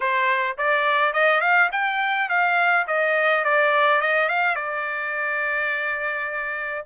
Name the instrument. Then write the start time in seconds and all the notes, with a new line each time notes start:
trumpet
0.00 C5
0.57 D5
1.13 D#5
1.41 F5
1.72 G5
2.29 F5
2.87 D#5
3.44 D5
4.01 D#5
4.29 F5
4.55 D5